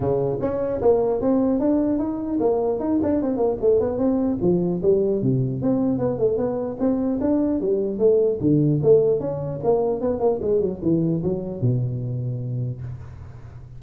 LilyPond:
\new Staff \with { instrumentName = "tuba" } { \time 4/4 \tempo 4 = 150 cis4 cis'4 ais4 c'4 | d'4 dis'4 ais4 dis'8 d'8 | c'8 ais8 a8 b8 c'4 f4 | g4 c4 c'4 b8 a8 |
b4 c'4 d'4 g4 | a4 d4 a4 cis'4 | ais4 b8 ais8 gis8 fis8 e4 | fis4 b,2. | }